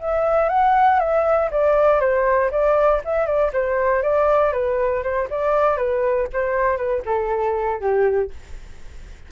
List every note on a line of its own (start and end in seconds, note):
0.00 0.50 E5
0.50 1.00 F#5
1.00 1.50 E5
1.51 2.01 D5
2.01 2.51 C5
2.51 3.02 D5
3.05 3.26 E5
3.26 3.52 D5
3.53 4.03 C5
4.03 4.53 D5
4.53 5.03 B4
5.03 5.28 C5
5.30 5.77 D5
5.77 6.28 B4
6.33 6.77 C5
6.77 7.03 B4
7.06 7.80 A4
7.80 8.31 G4